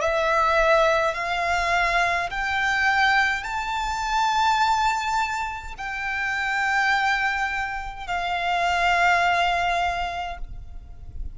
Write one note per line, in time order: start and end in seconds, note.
0.00 1.14 E5
1.14 2.30 F5
2.30 3.43 G5
3.43 5.74 A5
5.77 8.07 G5
8.07 10.37 F5